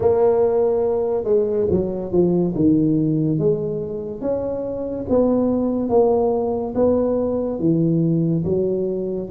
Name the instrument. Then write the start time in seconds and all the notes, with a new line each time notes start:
tuba
0.00 A#3
1.24 G#3
1.70 F#3
2.11 F3
2.55 D#3
3.38 G#3
4.21 C#4
5.09 B3
5.89 A#3
6.75 B3
7.59 E3
8.44 F#3